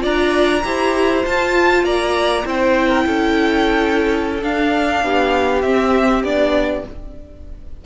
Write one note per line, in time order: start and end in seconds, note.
0.00 0.64 D4
0.00 0.61 F4
0.00 0.62 D5
0.00 1.26 A#5
0.64 1.25 E4
0.64 1.24 G4
0.64 1.85 C5
1.24 2.45 F4
1.24 1.84 F4
1.24 1.84 A5
1.84 2.44 A#3
1.84 2.45 D5
1.84 2.45 A#5
2.45 3.06 C4
2.45 4.41 E4
2.45 2.88 C5
2.45 4.43 G5
2.88 3.03 A#4
3.06 4.42 C#4
3.06 5.03 A4
4.41 5.62 D4
4.41 5.03 D4
4.41 5.62 F5
5.03 5.63 B3
5.03 6.85 G4
5.62 6.23 C4
5.62 6.25 C4
5.62 6.22 E5
6.23 6.84 B3
6.23 6.85 D4
6.23 6.84 D5